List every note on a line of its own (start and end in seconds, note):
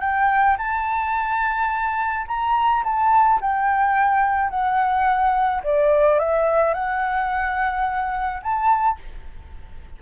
0.00 0.56 G5
0.58 2.26 A5
2.27 2.83 A#5
2.83 3.40 A5
3.41 4.50 G5
4.50 5.62 F#5
5.63 6.19 D5
6.19 6.73 E5
6.73 8.42 F#5
8.42 8.98 A5